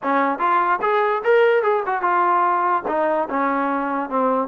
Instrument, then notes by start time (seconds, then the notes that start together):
trombone
0.03 C#4
0.39 F4
0.81 G#4
1.24 A#4
1.62 G#4
1.86 F#4
2.01 F4
2.87 D#4
3.29 C#4
4.09 C4